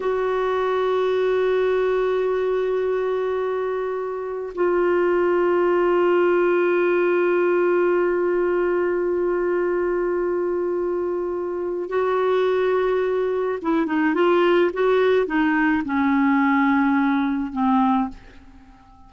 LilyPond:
\new Staff \with { instrumentName = "clarinet" } { \time 4/4 \tempo 4 = 106 fis'1~ | fis'1 | f'1~ | f'1~ |
f'1~ | f'4 fis'2. | e'8 dis'8 f'4 fis'4 dis'4 | cis'2. c'4 | }